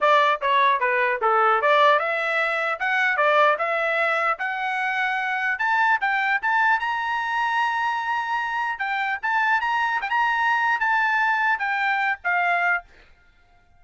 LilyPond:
\new Staff \with { instrumentName = "trumpet" } { \time 4/4 \tempo 4 = 150 d''4 cis''4 b'4 a'4 | d''4 e''2 fis''4 | d''4 e''2 fis''4~ | fis''2 a''4 g''4 |
a''4 ais''2.~ | ais''2 g''4 a''4 | ais''4 g''16 ais''4.~ ais''16 a''4~ | a''4 g''4. f''4. | }